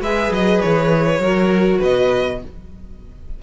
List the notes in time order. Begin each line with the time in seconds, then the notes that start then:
0.00 G#3 G#4 B4 E5
0.31 F#3 D#5
0.61 E3 C#5
1.19 F#3 F#4 A#4
1.79 B2 B4 D#5